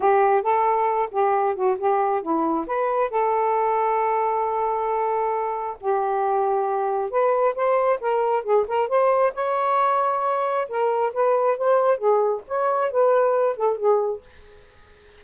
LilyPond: \new Staff \with { instrumentName = "saxophone" } { \time 4/4 \tempo 4 = 135 g'4 a'4. g'4 fis'8 | g'4 e'4 b'4 a'4~ | a'1~ | a'4 g'2. |
b'4 c''4 ais'4 gis'8 ais'8 | c''4 cis''2. | ais'4 b'4 c''4 gis'4 | cis''4 b'4. a'8 gis'4 | }